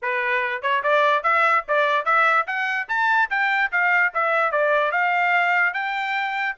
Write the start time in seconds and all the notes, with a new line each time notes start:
0.01 B4
0.62 C#5
0.83 D5
1.23 E5
1.68 D5
2.05 E5
2.46 F#5
2.88 A5
3.30 G5
3.71 F5
4.14 E5
4.51 D5
4.91 F5
5.73 G5